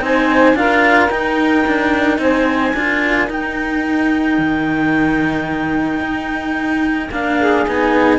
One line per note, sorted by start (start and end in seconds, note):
0.00 0.53 C4
0.00 0.55 D#4
0.00 0.57 C5
0.00 0.56 G#5
0.53 1.08 D4
0.53 1.10 F4
0.53 2.21 A#4
0.53 1.09 F5
1.09 1.64 D#4
1.09 2.74 D#4
1.09 2.18 G5
1.66 2.18 D4
2.18 2.72 C4
2.18 2.75 C5
2.18 3.30 G#5
2.73 3.28 D4
2.73 3.27 F4
2.73 7.39 A#4
3.27 7.09 D#4
3.27 4.38 D#4
3.27 7.11 G5
4.38 5.99 D#3
5.99 7.08 D#4
7.11 7.65 A#3
7.11 7.66 D4
7.11 7.66 F5
7.39 8.18 G#4
7.66 8.18 B3
7.66 8.18 D#4
7.66 8.18 G#5